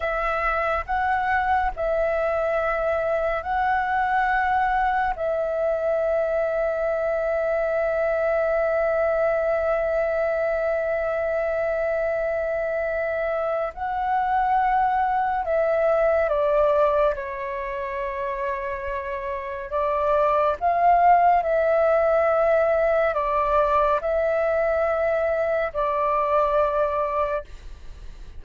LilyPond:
\new Staff \with { instrumentName = "flute" } { \time 4/4 \tempo 4 = 70 e''4 fis''4 e''2 | fis''2 e''2~ | e''1~ | e''1 |
fis''2 e''4 d''4 | cis''2. d''4 | f''4 e''2 d''4 | e''2 d''2 | }